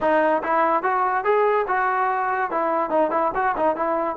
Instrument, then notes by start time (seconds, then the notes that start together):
trombone
0.00 D#4
0.43 E4
0.82 F#4
1.24 G#4
1.67 F#4
2.50 E4
2.90 D#4
3.10 E4
3.34 F#4
3.57 D#4
3.75 E4